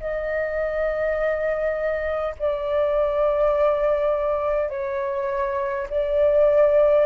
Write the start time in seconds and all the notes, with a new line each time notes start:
0.00 D#5
2.40 D5
4.70 C#5
5.90 D5